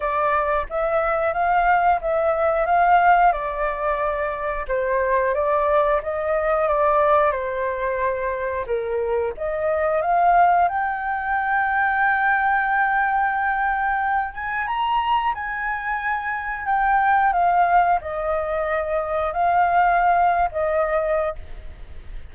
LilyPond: \new Staff \with { instrumentName = "flute" } { \time 4/4 \tempo 4 = 90 d''4 e''4 f''4 e''4 | f''4 d''2 c''4 | d''4 dis''4 d''4 c''4~ | c''4 ais'4 dis''4 f''4 |
g''1~ | g''4. gis''8 ais''4 gis''4~ | gis''4 g''4 f''4 dis''4~ | dis''4 f''4.~ f''16 dis''4~ dis''16 | }